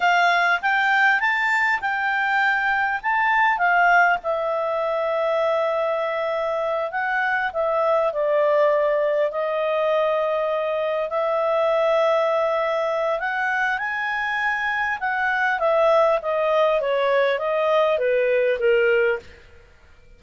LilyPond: \new Staff \with { instrumentName = "clarinet" } { \time 4/4 \tempo 4 = 100 f''4 g''4 a''4 g''4~ | g''4 a''4 f''4 e''4~ | e''2.~ e''8 fis''8~ | fis''8 e''4 d''2 dis''8~ |
dis''2~ dis''8 e''4.~ | e''2 fis''4 gis''4~ | gis''4 fis''4 e''4 dis''4 | cis''4 dis''4 b'4 ais'4 | }